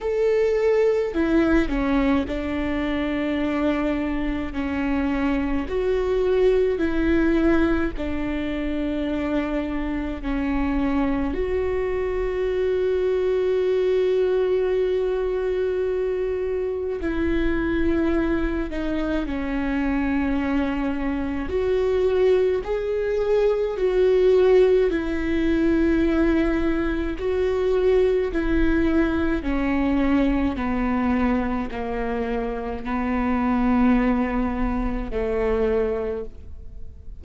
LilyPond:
\new Staff \with { instrumentName = "viola" } { \time 4/4 \tempo 4 = 53 a'4 e'8 cis'8 d'2 | cis'4 fis'4 e'4 d'4~ | d'4 cis'4 fis'2~ | fis'2. e'4~ |
e'8 dis'8 cis'2 fis'4 | gis'4 fis'4 e'2 | fis'4 e'4 cis'4 b4 | ais4 b2 a4 | }